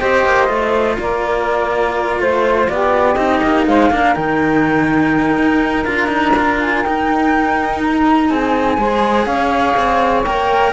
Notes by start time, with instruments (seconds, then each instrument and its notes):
0.00 cello C4 G4, saxophone C5, flute D#5
0.26 cello A#3
0.47 cello A3 F4
1.00 cello A#3, saxophone A#4, flute D5
2.19 cello A3, flute C5, saxophone C5
2.69 cello B3, saxophone G4, flute D5
3.14 cello C4 D#4, flute D#5
3.43 cello A#3
3.67 cello G#3, saxophone C5, flute F5
3.91 cello A#3 D4, saxophone A#4
4.15 cello D#3 D#4, flute G5
5.37 cello D#4
5.85 cello D4 F4, flute A#5
6.08 cello D#4
6.37 cello F4
6.61 flute G#5
6.84 cello D#4, flute G5
7.82 flute A#5
8.30 cello C4, saxophone G#4, flute G#5
8.78 cello G#3 G#4, saxophone C5
9.25 cello C#4, saxophone C#5, flute F5
9.77 cello C4
10.25 cello A#3 A#4, flute G5